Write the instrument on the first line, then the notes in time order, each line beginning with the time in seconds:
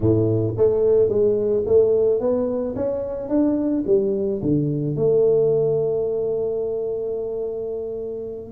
tuba
0.00 A2
0.57 A3
1.08 G#3
1.66 A3
2.19 B3
2.75 C#4
3.29 D4
3.86 G3
4.42 D3
4.96 A3